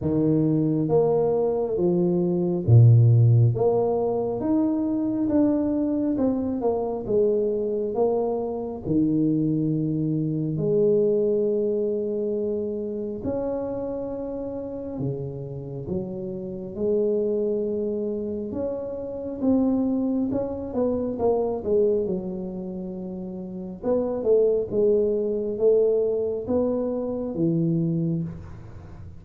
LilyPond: \new Staff \with { instrumentName = "tuba" } { \time 4/4 \tempo 4 = 68 dis4 ais4 f4 ais,4 | ais4 dis'4 d'4 c'8 ais8 | gis4 ais4 dis2 | gis2. cis'4~ |
cis'4 cis4 fis4 gis4~ | gis4 cis'4 c'4 cis'8 b8 | ais8 gis8 fis2 b8 a8 | gis4 a4 b4 e4 | }